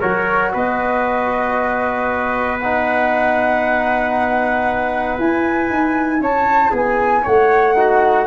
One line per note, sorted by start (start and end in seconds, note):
0.00 0.55 F#3
0.00 2.60 F#4
0.00 0.52 A#4
0.00 0.52 C#5
0.54 5.19 B3
0.54 6.22 B4
0.54 2.60 D#5
2.60 5.20 D#4
2.60 5.18 F#5
5.19 5.70 E4
5.19 7.74 E4
5.19 6.23 G#5
5.70 6.20 D#4
6.20 6.72 C#4
6.20 6.71 C#5
6.20 6.75 A5
6.71 7.25 B3
6.71 7.22 G#4
6.71 7.26 G#5
7.23 8.28 A3
7.23 7.75 C#5
7.23 8.28 F#5
7.74 8.26 D#4
7.74 8.28 F#4